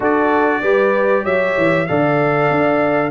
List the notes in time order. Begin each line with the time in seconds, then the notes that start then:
0.00 D4 F#4 A4 D5
0.62 G3 G4 B4
1.23 F#3 C#5 E5
1.57 E3
1.86 D3 A4 D5 F5
2.50 D4